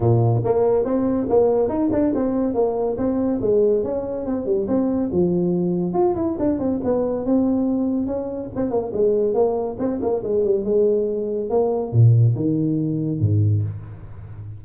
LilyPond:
\new Staff \with { instrumentName = "tuba" } { \time 4/4 \tempo 4 = 141 ais,4 ais4 c'4 ais4 | dis'8 d'8 c'4 ais4 c'4 | gis4 cis'4 c'8 g8 c'4 | f2 f'8 e'8 d'8 c'8 |
b4 c'2 cis'4 | c'8 ais8 gis4 ais4 c'8 ais8 | gis8 g8 gis2 ais4 | ais,4 dis2 gis,4 | }